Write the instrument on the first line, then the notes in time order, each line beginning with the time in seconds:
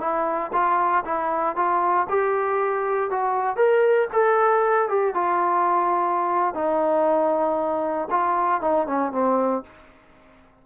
trombone
0.00 E4
0.53 F4
1.05 E4
1.56 F4
2.09 G4
3.10 F#4
3.57 A#4
4.13 A4
4.89 G4
5.14 F4
6.55 D#4
8.10 F4
8.61 D#4
8.86 C#4
9.12 C4